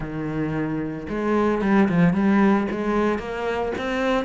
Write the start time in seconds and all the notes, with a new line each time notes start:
0.00 D#3
1.09 G#3
1.61 G3
1.88 F3
2.13 G3
2.71 G#3
3.19 A#3
3.77 C4